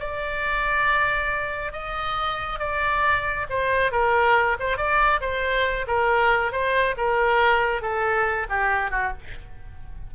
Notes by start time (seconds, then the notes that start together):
0.00 D5
1.73 D#5
2.60 D5
3.50 C5
3.92 A#4
4.60 C5
4.77 D5
5.21 C5
5.88 A#4
6.52 C5
6.98 A#4
7.82 A4
8.50 G4
8.91 F#4